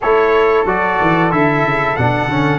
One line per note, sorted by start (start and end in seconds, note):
0.00 0.65 A3
0.00 0.66 E4
0.00 2.59 A4
0.00 0.67 C#5
0.65 0.97 F#3
0.65 1.31 F#4
0.65 1.31 D5
1.01 1.32 E3
1.31 1.64 D3
1.31 1.96 E4
1.31 1.96 E5
1.64 1.96 C#3
1.96 2.27 B2
1.96 2.29 D4
1.96 2.59 F#5
2.27 2.59 D3
2.27 2.59 C#4